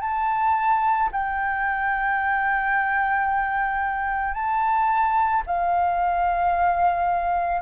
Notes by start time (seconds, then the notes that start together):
0.00 A5
1.12 G5
4.33 A5
5.46 F5